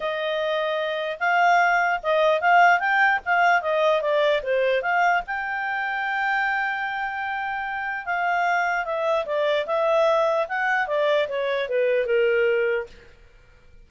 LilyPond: \new Staff \with { instrumentName = "clarinet" } { \time 4/4 \tempo 4 = 149 dis''2. f''4~ | f''4 dis''4 f''4 g''4 | f''4 dis''4 d''4 c''4 | f''4 g''2.~ |
g''1 | f''2 e''4 d''4 | e''2 fis''4 d''4 | cis''4 b'4 ais'2 | }